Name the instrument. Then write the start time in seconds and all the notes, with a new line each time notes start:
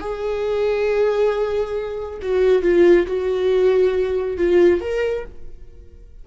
viola
0.00 G#4
2.22 F#4
2.62 F4
3.07 F#4
4.37 F4
4.81 A#4